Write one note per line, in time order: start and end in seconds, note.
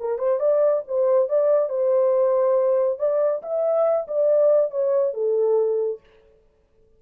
0.00 0.19 A#4
0.19 0.40 C5
0.40 0.83 D5
0.88 1.29 C5
1.29 1.70 D5
1.70 2.99 C5
2.99 3.42 D5
3.43 4.07 E5
4.08 4.71 D5
4.71 5.14 C#5
5.14 6.00 A4